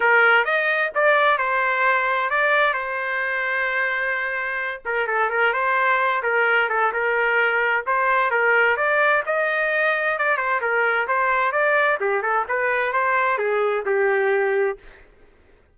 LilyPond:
\new Staff \with { instrumentName = "trumpet" } { \time 4/4 \tempo 4 = 130 ais'4 dis''4 d''4 c''4~ | c''4 d''4 c''2~ | c''2~ c''8 ais'8 a'8 ais'8 | c''4. ais'4 a'8 ais'4~ |
ais'4 c''4 ais'4 d''4 | dis''2 d''8 c''8 ais'4 | c''4 d''4 g'8 a'8 b'4 | c''4 gis'4 g'2 | }